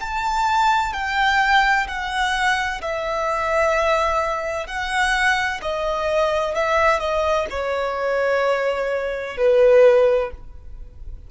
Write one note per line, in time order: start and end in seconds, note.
0.00 0.93 A5
0.93 1.87 G5
1.87 2.81 F#5
2.81 4.66 E5
4.66 5.60 F#5
5.62 6.55 D#5
6.55 6.99 E5
6.99 7.46 D#5
7.50 9.37 C#5
9.37 10.30 B4